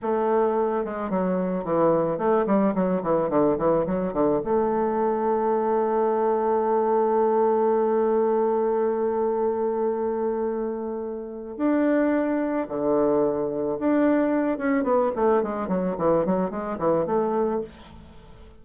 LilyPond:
\new Staff \with { instrumentName = "bassoon" } { \time 4/4 \tempo 4 = 109 a4. gis8 fis4 e4 | a8 g8 fis8 e8 d8 e8 fis8 d8 | a1~ | a1~ |
a1~ | a4 d'2 d4~ | d4 d'4. cis'8 b8 a8 | gis8 fis8 e8 fis8 gis8 e8 a4 | }